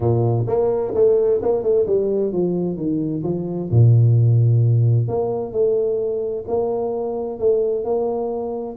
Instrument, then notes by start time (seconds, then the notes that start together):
tuba
0.00 A#2
0.47 A#3
0.94 A3
1.42 A#3
1.63 A3
1.86 G3
2.32 F3
2.77 D#3
3.23 F3
3.70 A#2
5.07 A#3
5.52 A3
6.47 A#3
7.39 A3
7.84 A#3